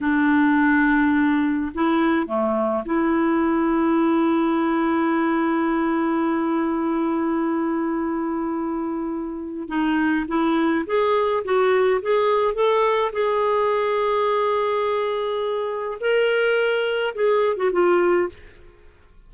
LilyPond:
\new Staff \with { instrumentName = "clarinet" } { \time 4/4 \tempo 4 = 105 d'2. e'4 | a4 e'2.~ | e'1~ | e'1~ |
e'4 dis'4 e'4 gis'4 | fis'4 gis'4 a'4 gis'4~ | gis'1 | ais'2 gis'8. fis'16 f'4 | }